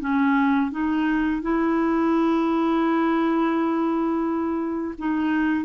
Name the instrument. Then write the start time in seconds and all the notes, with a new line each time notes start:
clarinet
0.00 C#4
0.71 D#4
1.41 E4
4.98 D#4